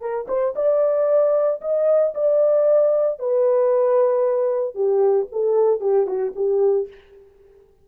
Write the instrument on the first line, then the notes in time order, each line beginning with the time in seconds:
horn
0.00 A#4
0.28 C5
0.55 D5
1.61 D#5
2.14 D5
3.19 B4
4.74 G4
5.32 A4
5.80 G4
6.06 F#4
6.35 G4